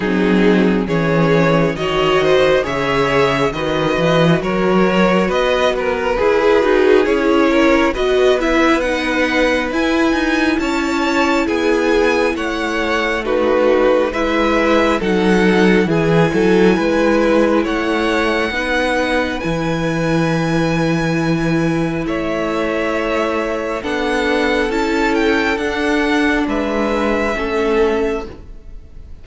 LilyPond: <<
  \new Staff \with { instrumentName = "violin" } { \time 4/4 \tempo 4 = 68 gis'4 cis''4 dis''4 e''4 | dis''4 cis''4 dis''8 b'4. | cis''4 dis''8 e''8 fis''4 gis''4 | a''4 gis''4 fis''4 b'4 |
e''4 fis''4 gis''2 | fis''2 gis''2~ | gis''4 e''2 fis''4 | a''8 g''8 fis''4 e''2 | }
  \new Staff \with { instrumentName = "violin" } { \time 4/4 dis'4 gis'4 cis''8 c''8 cis''4 | b'4 ais'4 b'8 ais'8 gis'4~ | gis'8 ais'8 b'2. | cis''4 gis'4 cis''4 fis'4 |
b'4 a'4 gis'8 a'8 b'4 | cis''4 b'2.~ | b'4 cis''2 a'4~ | a'2 b'4 a'4 | }
  \new Staff \with { instrumentName = "viola" } { \time 4/4 c'4 cis'4 fis'4 gis'4 | fis'2. gis'8 fis'8 | e'4 fis'8 e'8 dis'4 e'4~ | e'2. dis'4 |
e'4 dis'4 e'2~ | e'4 dis'4 e'2~ | e'2. d'4 | e'4 d'2 cis'4 | }
  \new Staff \with { instrumentName = "cello" } { \time 4/4 fis4 e4 dis4 cis4 | dis8 e8 fis4 b4 e'8 dis'8 | cis'4 b2 e'8 dis'8 | cis'4 b4 a2 |
gis4 fis4 e8 fis8 gis4 | a4 b4 e2~ | e4 a2 b4 | cis'4 d'4 gis4 a4 | }
>>